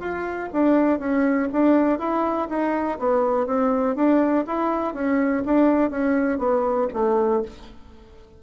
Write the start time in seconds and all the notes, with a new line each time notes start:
0.00 F4
0.53 D4
1.00 C#4
1.52 D4
1.99 E4
2.49 D#4
2.99 B3
3.47 C4
3.96 D4
4.47 E4
4.94 C#4
5.45 D4
5.90 C#4
6.39 B3
6.94 A3